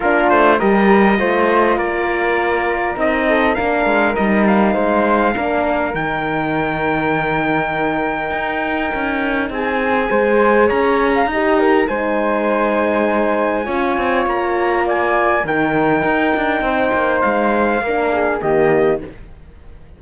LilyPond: <<
  \new Staff \with { instrumentName = "trumpet" } { \time 4/4 \tempo 4 = 101 ais'8 c''8 dis''2 d''4~ | d''4 dis''4 f''4 dis''8 f''8~ | f''2 g''2~ | g''1 |
gis''2 ais''2 | gis''1 | ais''4 gis''4 g''2~ | g''4 f''2 dis''4 | }
  \new Staff \with { instrumentName = "flute" } { \time 4/4 f'4 ais'4 c''4 ais'4~ | ais'4. a'8 ais'2 | c''4 ais'2.~ | ais'1 |
gis'4 c''4 cis''8. f''16 dis''8 ais'8 | c''2. cis''4~ | cis''4 d''4 ais'2 | c''2 ais'8 gis'8 g'4 | }
  \new Staff \with { instrumentName = "horn" } { \time 4/4 d'4 g'4 f'2~ | f'4 dis'4 d'4 dis'4~ | dis'4 d'4 dis'2~ | dis'1~ |
dis'4 gis'2 g'4 | dis'2. f'4~ | f'2 dis'2~ | dis'2 d'4 ais4 | }
  \new Staff \with { instrumentName = "cello" } { \time 4/4 ais8 a8 g4 a4 ais4~ | ais4 c'4 ais8 gis8 g4 | gis4 ais4 dis2~ | dis2 dis'4 cis'4 |
c'4 gis4 cis'4 dis'4 | gis2. cis'8 c'8 | ais2 dis4 dis'8 d'8 | c'8 ais8 gis4 ais4 dis4 | }
>>